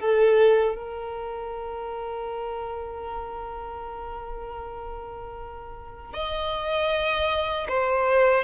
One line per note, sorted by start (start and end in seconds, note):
0.00 0.75 A4
0.75 6.14 A#4
6.14 7.67 D#5
7.68 8.44 C5